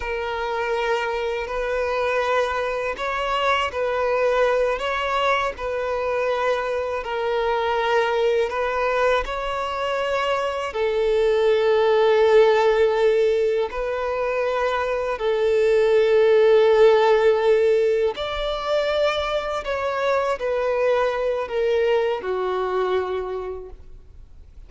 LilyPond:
\new Staff \with { instrumentName = "violin" } { \time 4/4 \tempo 4 = 81 ais'2 b'2 | cis''4 b'4. cis''4 b'8~ | b'4. ais'2 b'8~ | b'8 cis''2 a'4.~ |
a'2~ a'8 b'4.~ | b'8 a'2.~ a'8~ | a'8 d''2 cis''4 b'8~ | b'4 ais'4 fis'2 | }